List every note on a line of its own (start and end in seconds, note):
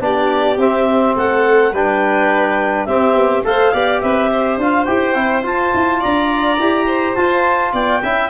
0.00 0.57 B3
0.00 0.57 D4
0.00 1.16 G4
0.00 0.59 D5
0.57 1.15 C4
0.57 1.74 C4
0.57 1.16 E5
1.16 1.72 A3
1.16 1.72 A4
1.16 1.74 F#5
1.72 2.86 G3
1.72 2.89 D4
1.72 2.87 B4
1.72 2.85 G5
2.85 3.15 C4
2.85 3.45 C4
2.85 3.44 G4
2.85 3.43 E5
3.15 3.44 B3
3.45 3.73 A3
3.45 3.73 A4
3.45 3.73 C5
3.45 4.01 F5
3.73 4.02 B3
3.73 4.60 G4
3.73 4.02 D5
4.01 4.58 C4
4.01 4.31 B4
4.01 4.58 E5
4.32 6.00 C5
4.58 4.86 D4
4.58 4.87 F4
4.58 4.85 F5
4.85 5.15 E4
4.85 5.15 G4
4.85 5.42 G5
5.15 5.43 C4
5.15 5.43 E4
5.43 6.57 F4
5.43 5.72 F4
5.43 6.02 A5
5.74 6.03 E4
6.00 6.59 D4
6.00 6.85 D5
6.00 7.15 A#5
6.59 7.16 E4
6.59 7.17 G4
6.86 7.72 C5
7.15 8.02 F4
7.15 7.73 F4
7.15 7.72 A5
7.73 8.02 B3
7.73 8.01 D5
7.73 8.30 G5
8.03 8.30 C#4
8.03 8.30 E4
8.03 8.30 E5